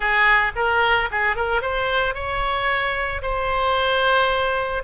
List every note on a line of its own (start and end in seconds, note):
0.00 0.52 G#4
0.55 1.09 A#4
1.11 1.35 G#4
1.35 1.61 A#4
1.61 2.14 C5
2.14 3.21 C#5
3.21 4.82 C5